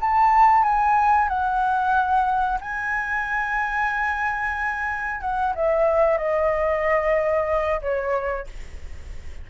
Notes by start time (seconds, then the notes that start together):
0.00 A5
0.63 G#5
1.28 F#5
2.60 G#5
5.21 F#5
5.55 E5
6.17 D#5
7.81 C#5